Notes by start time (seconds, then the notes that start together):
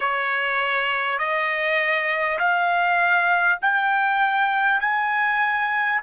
0.00 C#5
1.18 D#5
2.38 F5
3.61 G5
4.80 G#5